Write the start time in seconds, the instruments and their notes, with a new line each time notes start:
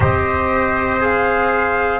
0.00 double bass C4, trombone G4, trumpet C5, flute D#5
1.00 trombone G#4, flute F5